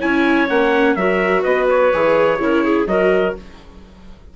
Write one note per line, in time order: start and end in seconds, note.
0.00 0.50 C#4
0.00 0.49 E4
0.00 0.95 C#5
0.00 0.49 G#5
0.49 0.96 A#3
0.49 0.97 C#4
0.49 0.95 F#5
0.95 1.44 F#3
0.95 1.93 F#4
0.95 1.42 A#4
0.95 1.43 E5
1.42 1.92 B3
1.42 2.37 B4
1.42 1.68 D#5
1.70 2.88 C#5
1.93 2.39 E3
1.93 2.40 G#4
2.39 2.87 C#3
2.39 2.87 E4
2.39 2.64 A#4
2.64 2.87 G#4
2.87 3.34 F#3
2.87 3.35 F#4
2.87 3.36 A#4
2.87 3.35 D#5